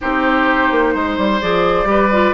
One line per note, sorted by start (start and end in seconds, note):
0.01 0.71 C4
0.01 1.41 D#4
0.01 0.94 G4
0.01 1.40 C5
0.71 0.94 A#3
0.94 1.17 G#3
0.94 1.88 C5
1.17 1.41 G3
1.40 1.84 F3
1.40 1.85 G#4
1.40 2.33 D5
1.84 2.31 G3
1.84 2.08 G4
1.84 2.33 B4
2.12 2.33 F4